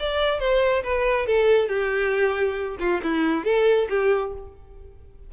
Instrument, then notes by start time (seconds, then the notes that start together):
violin
0.00 D5
0.40 C5
0.84 B4
1.27 A4
1.69 G4
2.80 F4
3.04 E4
3.45 A4
3.90 G4